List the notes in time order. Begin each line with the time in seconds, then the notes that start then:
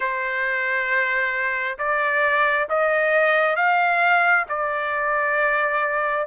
0.00 C5
1.78 D5
2.69 D#5
3.56 F5
4.48 D5